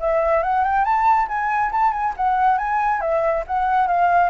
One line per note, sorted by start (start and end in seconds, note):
0.00 0.43 E5
0.44 0.65 F#5
0.65 0.85 G5
0.85 1.28 A5
1.29 1.72 G#5
1.72 1.92 A5
1.92 2.14 G#5
2.17 2.58 F#5
2.58 3.01 G#5
3.01 3.45 E5
3.47 3.88 F#5
3.88 4.30 F5